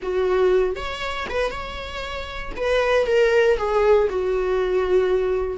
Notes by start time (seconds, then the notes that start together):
0.02 F#4
0.76 C#5
1.29 B4
1.50 C#5
2.56 B4
3.06 A#4
3.57 G#4
4.09 F#4